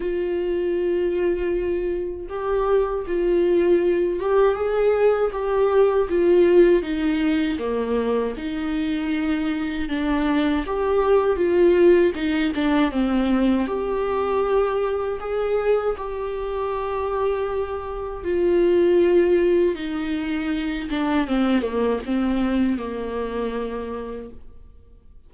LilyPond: \new Staff \with { instrumentName = "viola" } { \time 4/4 \tempo 4 = 79 f'2. g'4 | f'4. g'8 gis'4 g'4 | f'4 dis'4 ais4 dis'4~ | dis'4 d'4 g'4 f'4 |
dis'8 d'8 c'4 g'2 | gis'4 g'2. | f'2 dis'4. d'8 | c'8 ais8 c'4 ais2 | }